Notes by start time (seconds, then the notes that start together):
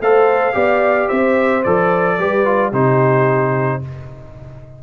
0.00 A3 A4 C5 F5
0.53 B3 G4 D5
1.08 C4 C5 E5
1.63 F3 A4 D5
2.18 G3 G4 B4
2.45 F4
2.71 C3 D#4 G4 C5